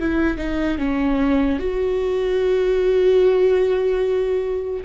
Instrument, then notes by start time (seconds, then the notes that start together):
viola
0.00 E4
0.38 D#4
0.79 C#4
1.60 F#4